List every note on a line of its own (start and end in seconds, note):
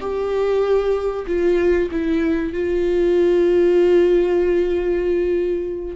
0.00 1.25 G4
1.26 1.89 F4
1.91 2.53 E4
2.53 5.95 F4